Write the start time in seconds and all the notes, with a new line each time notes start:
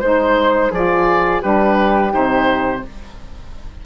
0.00 G#3 D#4 C5
0.71 F3 F4 G#4 D5
1.41 G3 D4 G4 B4
2.10 C3 D#4 C5